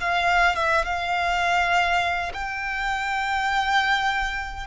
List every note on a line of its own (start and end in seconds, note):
0.00 0.55 F5
0.55 0.84 E5
0.85 2.32 F5
2.34 4.67 G5